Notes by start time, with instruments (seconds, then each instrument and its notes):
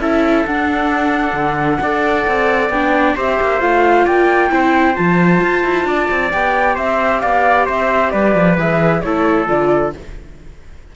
0.00 cello C#4, viola E4, trumpet A4, flute E5
0.46 cello D4, viola D4, flute F#5
1.33 cello D3
1.81 cello D4, viola A4, trumpet D5
2.27 cello C4
2.70 cello B3, viola D4, flute G5
3.17 cello C4, viola G4, trumpet C5, flute E5
3.41 cello A#3
3.60 cello A3, viola F4, flute F5
4.06 cello A#3, trumpet D5, flute G5
4.50 cello C4, viola E4, trumpet C5
4.94 cello F3, viola F4, flute A5
5.42 cello F4
5.64 cello E4
5.85 cello D4, trumpet D5
6.11 cello C4
6.32 cello B3, viola G4, flute G5
6.75 cello C4, trumpet C5, flute E5
7.21 cello B3, trumpet D5, flute F5
7.66 cello C4, trumpet C5, flute E5
8.11 cello G3, trumpet B4, flute D5
8.35 cello F3
8.58 cello E3, viola G#4, flute E5
9.01 cello A3, viola E4, trumpet A4, flute C#5
9.48 cello D3, viola F4, flute D5